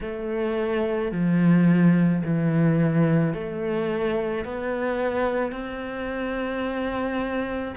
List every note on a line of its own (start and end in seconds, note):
0.01 1.11 A3
1.11 2.22 F3
2.23 3.33 E3
3.33 4.44 A3
4.44 5.52 B3
5.52 7.74 C4